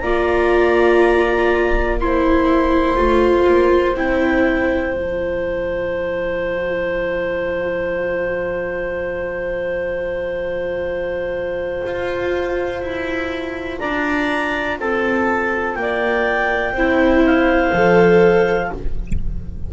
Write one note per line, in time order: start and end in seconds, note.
0.00 2.97 A#3
0.00 2.00 F4
0.00 2.00 D5
0.00 1.97 A#5
2.00 2.97 E4
2.00 13.81 C5
2.00 3.97 C6
2.97 3.48 A3
2.97 3.96 F4
3.48 3.95 A#3
3.95 4.93 C4
3.95 4.94 E4
3.95 4.96 G5
4.93 11.82 F3
4.93 16.74 F4
4.93 13.80 A5
11.87 12.82 F4
12.82 13.81 E4
13.80 14.79 D4
13.80 14.79 D5
13.80 14.78 A#5
14.79 15.76 C4
14.79 15.79 A4
14.79 15.75 A5
15.75 16.74 A#3
15.75 17.23 G5
15.82 16.74 D5
16.74 17.72 C4
16.74 17.74 E4
16.74 18.70 C5
17.26 18.74 F5
17.73 18.72 F3
17.73 18.73 A4